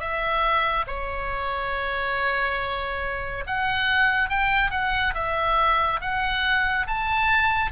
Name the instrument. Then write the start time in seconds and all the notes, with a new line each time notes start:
oboe
0.00 E5
0.87 C#5
3.47 F#5
4.30 G5
4.71 F#5
5.15 E5
6.01 F#5
6.87 A5